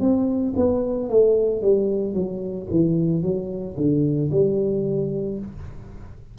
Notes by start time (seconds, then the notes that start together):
0.00 C4
0.56 B3
1.10 A3
1.62 G3
2.14 F#3
2.70 E3
3.22 F#3
3.77 D3
4.31 G3